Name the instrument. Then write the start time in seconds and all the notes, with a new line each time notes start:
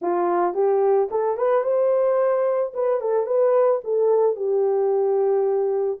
horn
0.01 F4
0.54 G4
1.10 A4
1.37 B4
1.63 C5
2.73 B4
3.00 A4
3.26 B4
3.84 A4
4.36 G4